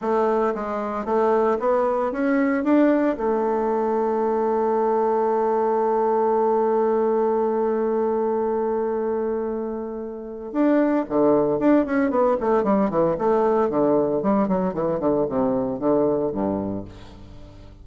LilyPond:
\new Staff \with { instrumentName = "bassoon" } { \time 4/4 \tempo 4 = 114 a4 gis4 a4 b4 | cis'4 d'4 a2~ | a1~ | a1~ |
a1 | d'4 d4 d'8 cis'8 b8 a8 | g8 e8 a4 d4 g8 fis8 | e8 d8 c4 d4 g,4 | }